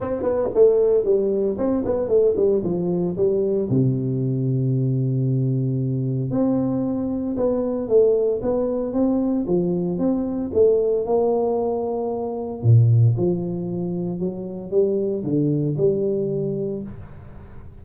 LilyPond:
\new Staff \with { instrumentName = "tuba" } { \time 4/4 \tempo 4 = 114 c'8 b8 a4 g4 c'8 b8 | a8 g8 f4 g4 c4~ | c1 | c'2 b4 a4 |
b4 c'4 f4 c'4 | a4 ais2. | ais,4 f2 fis4 | g4 d4 g2 | }